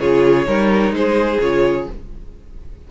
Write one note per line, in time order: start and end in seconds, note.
0.00 0.47 C#3
0.00 0.47 F4
0.00 0.47 G#4
0.00 0.94 C#5
0.47 0.91 G3
0.47 1.41 D#4
0.47 0.95 A#4
0.91 1.38 G#3
0.91 1.91 G#4
0.91 1.41 C5
1.40 1.88 C#3
1.40 1.89 F4
1.40 1.88 C#5